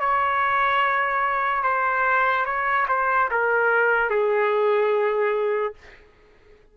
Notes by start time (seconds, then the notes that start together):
0.00 C#5
1.63 C5
2.45 C#5
2.88 C5
3.31 A#4
4.10 G#4